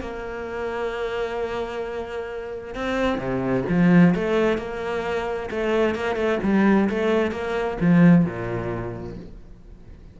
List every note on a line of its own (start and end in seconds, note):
0.00 2.74 A#3
2.74 3.18 C4
3.18 3.63 C3
3.69 4.14 F3
4.14 4.57 A3
4.57 5.49 A#3
5.50 5.95 A3
5.95 6.15 A#3
6.15 6.38 A3
6.43 6.88 G3
6.89 7.31 A3
7.31 7.77 A#3
7.80 8.25 F3
8.25 9.16 A#2